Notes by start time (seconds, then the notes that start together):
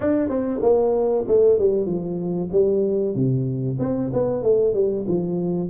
0.00 D4
0.28 C4
0.61 A#3
1.27 A3
1.58 G3
1.86 F3
2.52 G3
3.15 C3
3.79 C4
4.12 B3
4.42 A3
4.74 G3
5.07 F3